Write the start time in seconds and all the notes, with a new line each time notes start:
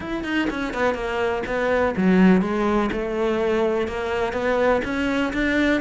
0.00 E4
0.24 D#4
0.50 C#4
0.73 B3
0.94 A#3
1.46 B3
1.96 F#3
2.41 G#3
2.92 A3
3.87 A#3
4.32 B3
4.84 C#4
5.33 D4